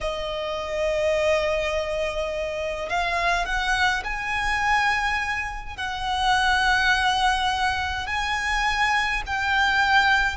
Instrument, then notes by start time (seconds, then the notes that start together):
violin
0.00 D#5
2.89 F5
3.45 F#5
4.04 G#5
5.76 F#5
8.06 G#5
9.26 G5